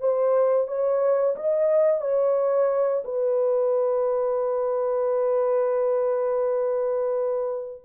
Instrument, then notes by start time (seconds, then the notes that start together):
horn
0.00 C5
0.67 C#5
1.36 D#5
2.01 C#5
3.04 B4